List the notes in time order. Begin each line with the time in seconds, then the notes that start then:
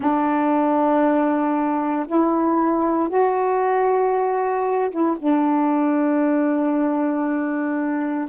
0.00 D4
2.07 E4
3.09 F#4
4.90 E4
5.18 D4